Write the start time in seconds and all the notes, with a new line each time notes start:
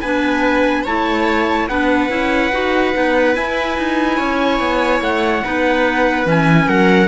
0.00 B3 D4 B4 G#5
0.84 A3 E4 C#5 A5
1.68 B3 D4 B4 F#5
2.09 C#4 E4
2.52 D#4 F#4
2.94 B3 D#4
3.34 E4 G#5
3.78 D#4
4.17 C#4 C#5
4.59 B3
5.01 A3 F#5
5.44 B3 D#4 B4
6.25 E3 C#4 G#5
6.68 F#3 A#4 F#5